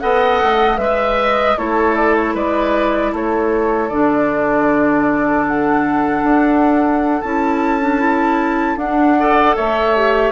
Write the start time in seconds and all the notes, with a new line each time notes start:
0.00 B3 A4 D#5 F#5
0.42 A3
0.76 G#3 B4 E5
0.83 E5
1.20 D#5
1.57 A3 E4 A4 C#5
1.96 D5
2.15 C#5
2.34 G#3 B4 D5
3.12 A3 A4 C#5
3.89 D3 D4 D5
5.47 F#5
6.23 D4
7.21 C#4 E4 A5
7.81 D4
7.99 E4
8.76 D4 F#5
9.18 A4 D5
9.56 A3 C#5 E5
9.96 G4